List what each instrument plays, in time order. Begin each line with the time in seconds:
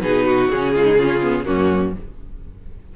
0.00 cello B2, viola D#4, violin G#4 B4
0.25 violin F#4
0.49 cello C#3, viola C#4, violin G#4
0.74 viola G#3, violin F4
0.84 violin D#4
0.97 viola C#4, violin F4
1.22 viola B3
1.45 cello F#2, viola A#3, violin C#4 F#4